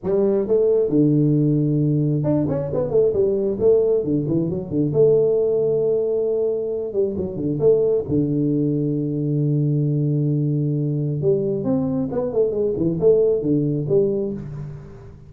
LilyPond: \new Staff \with { instrumentName = "tuba" } { \time 4/4 \tempo 4 = 134 g4 a4 d2~ | d4 d'8 cis'8 b8 a8 g4 | a4 d8 e8 fis8 d8 a4~ | a2.~ a8 g8 |
fis8 d8 a4 d2~ | d1~ | d4 g4 c'4 b8 a8 | gis8 e8 a4 d4 g4 | }